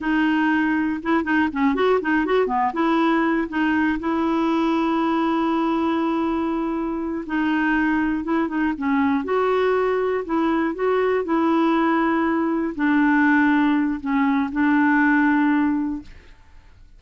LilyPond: \new Staff \with { instrumentName = "clarinet" } { \time 4/4 \tempo 4 = 120 dis'2 e'8 dis'8 cis'8 fis'8 | dis'8 fis'8 b8 e'4. dis'4 | e'1~ | e'2~ e'8 dis'4.~ |
dis'8 e'8 dis'8 cis'4 fis'4.~ | fis'8 e'4 fis'4 e'4.~ | e'4. d'2~ d'8 | cis'4 d'2. | }